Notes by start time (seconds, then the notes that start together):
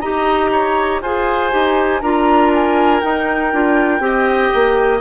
0.00 D#4 G4 D#5 A#5
0.52 C#5
1.01 F4 G#4 C5 G#5
1.51 D#4 G4
2.01 D4 F4 A#4 A#5
2.54 G#5
3.00 D#4 G5
3.53 D4 F4
4.00 C4 G4 D#5
4.54 A#3